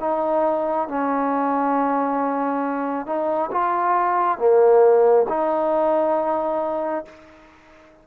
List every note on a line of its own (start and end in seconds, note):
0.00 0.88 D#4
0.89 3.06 C#4
3.06 3.51 D#4
3.52 4.38 F4
4.38 5.26 A#3
5.29 7.05 D#4